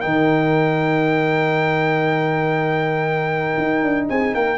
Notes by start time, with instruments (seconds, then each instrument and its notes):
0.00 tuba D#3, trombone D#4, horn A#4, trumpet G5
3.57 tuba D#4
3.83 tuba D4
4.08 tuba C4, horn G#4, trumpet G#5
4.34 tuba A#3, horn A#4, trumpet G5